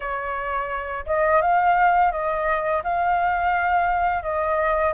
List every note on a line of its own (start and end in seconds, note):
0.00 1.05 C#5
1.06 1.41 D#5
1.41 2.11 F5
2.11 2.82 D#5
2.83 4.22 F5
4.22 4.93 D#5